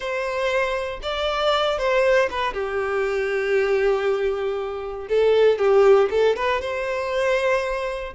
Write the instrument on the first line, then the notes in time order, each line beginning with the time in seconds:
violin
0.00 C5
1.02 D5
1.78 C5
2.30 B4
2.53 G4
5.08 A4
5.58 G4
6.10 A4
6.36 B4
6.61 C5